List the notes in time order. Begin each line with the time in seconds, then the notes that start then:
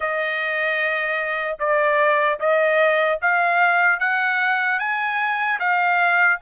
0.00 D#5
1.59 D5
2.39 D#5
3.21 F5
3.99 F#5
4.79 G#5
5.59 F5